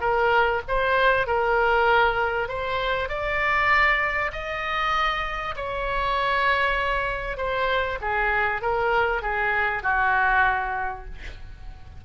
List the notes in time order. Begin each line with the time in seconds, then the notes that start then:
0.00 A#4
0.68 C5
1.27 A#4
2.48 C5
3.09 D5
4.32 D#5
5.56 C#5
7.37 C5
8.01 G#4
8.62 A#4
9.22 G#4
9.82 F#4